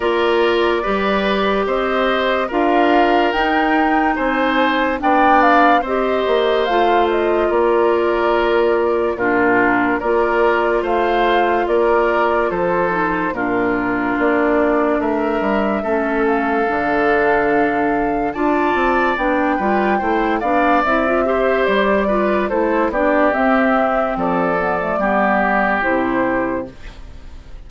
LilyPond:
<<
  \new Staff \with { instrumentName = "flute" } { \time 4/4 \tempo 4 = 72 d''2 dis''4 f''4 | g''4 gis''4 g''8 f''8 dis''4 | f''8 dis''8 d''2 ais'4 | d''4 f''4 d''4 c''4 |
ais'4 d''4 e''4. f''8~ | f''2 a''4 g''4~ | g''8 f''8 e''4 d''4 c''8 d''8 | e''4 d''2 c''4 | }
  \new Staff \with { instrumentName = "oboe" } { \time 4/4 ais'4 b'4 c''4 ais'4~ | ais'4 c''4 d''4 c''4~ | c''4 ais'2 f'4 | ais'4 c''4 ais'4 a'4 |
f'2 ais'4 a'4~ | a'2 d''4. b'8 | c''8 d''4 c''4 b'8 a'8 g'8~ | g'4 a'4 g'2 | }
  \new Staff \with { instrumentName = "clarinet" } { \time 4/4 f'4 g'2 f'4 | dis'2 d'4 g'4 | f'2. d'4 | f'2.~ f'8 dis'8 |
d'2. cis'4 | d'2 f'4 d'8 f'8 | e'8 d'8 e'16 f'16 g'4 f'8 e'8 d'8 | c'4. b16 a16 b4 e'4 | }
  \new Staff \with { instrumentName = "bassoon" } { \time 4/4 ais4 g4 c'4 d'4 | dis'4 c'4 b4 c'8 ais8 | a4 ais2 ais,4 | ais4 a4 ais4 f4 |
ais,4 ais4 a8 g8 a4 | d2 d'8 c'8 b8 g8 | a8 b8 c'4 g4 a8 b8 | c'4 f4 g4 c4 | }
>>